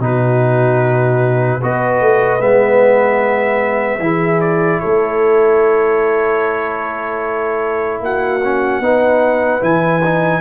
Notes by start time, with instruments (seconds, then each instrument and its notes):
0.00 tuba B2, trombone D#4, horn F#4, trumpet B4
1.60 tuba B3, trombone F#4, horn B4, trumpet D#5
2.01 tuba A3
2.40 tuba G#3, trombone B3, trumpet E5
3.99 tuba E3, trombone E4, horn G#4
4.41 trumpet D5
4.80 tuba A3, horn A4, trumpet C#5
8.01 tuba A#3, horn F#4, trumpet F#5
8.44 trombone C#4
8.80 tuba B3, trombone D#4, horn B4
9.61 tuba E3, trombone E4, trumpet G#5
10.05 trombone D#4